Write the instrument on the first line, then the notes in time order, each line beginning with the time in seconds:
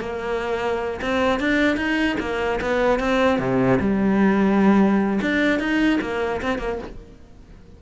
cello
0.00 A#3
1.01 C4
1.40 D4
1.76 D#4
2.20 A#3
2.61 B3
2.99 C4
3.39 C3
3.80 G3
5.21 D4
5.59 D#4
6.01 A#3
6.42 C4
6.59 A#3